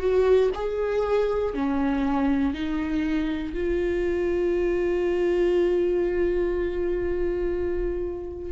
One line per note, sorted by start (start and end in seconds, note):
0.00 0.50 F#4
0.55 1.54 G#4
1.54 2.54 C#4
2.54 3.54 D#4
3.54 8.52 F4